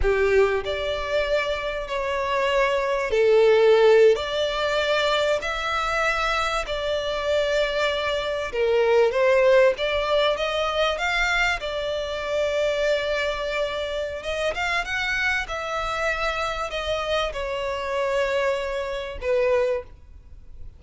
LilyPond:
\new Staff \with { instrumentName = "violin" } { \time 4/4 \tempo 4 = 97 g'4 d''2 cis''4~ | cis''4 a'4.~ a'16 d''4~ d''16~ | d''8. e''2 d''4~ d''16~ | d''4.~ d''16 ais'4 c''4 d''16~ |
d''8. dis''4 f''4 d''4~ d''16~ | d''2. dis''8 f''8 | fis''4 e''2 dis''4 | cis''2. b'4 | }